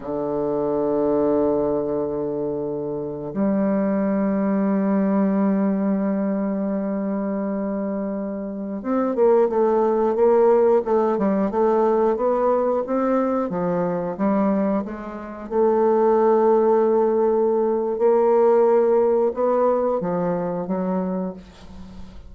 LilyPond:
\new Staff \with { instrumentName = "bassoon" } { \time 4/4 \tempo 4 = 90 d1~ | d4 g2.~ | g1~ | g4~ g16 c'8 ais8 a4 ais8.~ |
ais16 a8 g8 a4 b4 c'8.~ | c'16 f4 g4 gis4 a8.~ | a2. ais4~ | ais4 b4 f4 fis4 | }